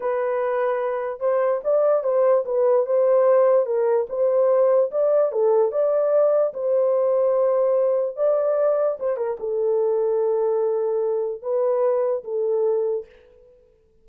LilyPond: \new Staff \with { instrumentName = "horn" } { \time 4/4 \tempo 4 = 147 b'2. c''4 | d''4 c''4 b'4 c''4~ | c''4 ais'4 c''2 | d''4 a'4 d''2 |
c''1 | d''2 c''8 ais'8 a'4~ | a'1 | b'2 a'2 | }